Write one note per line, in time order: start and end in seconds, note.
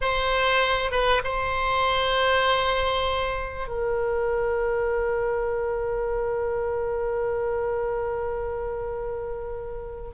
0.01 0.91 C5
0.91 1.21 B4
1.24 3.67 C5
3.67 10.10 A#4